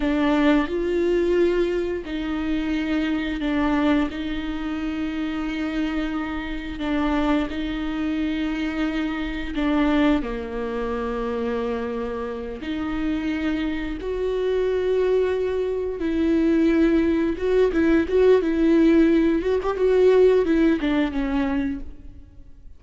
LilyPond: \new Staff \with { instrumentName = "viola" } { \time 4/4 \tempo 4 = 88 d'4 f'2 dis'4~ | dis'4 d'4 dis'2~ | dis'2 d'4 dis'4~ | dis'2 d'4 ais4~ |
ais2~ ais8 dis'4.~ | dis'8 fis'2. e'8~ | e'4. fis'8 e'8 fis'8 e'4~ | e'8 fis'16 g'16 fis'4 e'8 d'8 cis'4 | }